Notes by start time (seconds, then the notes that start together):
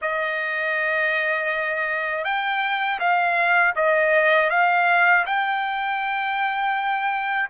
0.01 D#5
2.24 G5
2.99 F5
3.75 D#5
4.50 F5
5.26 G5